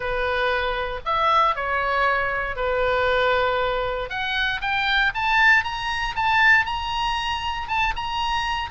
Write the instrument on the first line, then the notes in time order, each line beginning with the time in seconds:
oboe
0.00 B4
1.05 E5
1.55 C#5
2.56 B4
4.09 F#5
4.61 G5
5.14 A5
5.64 A#5
6.15 A5
6.65 A#5
7.68 A5
7.96 A#5